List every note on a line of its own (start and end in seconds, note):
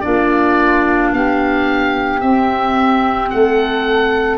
0.00 1.12 A#3
0.00 2.20 D4
0.00 1.14 F4
0.00 1.09 D5
1.12 2.22 B3
1.12 3.33 G4
1.12 2.20 F5
2.20 3.31 C4
2.20 4.37 C4
2.20 3.29 E5
3.30 4.37 A3
3.30 4.37 A4
3.30 4.37 F#5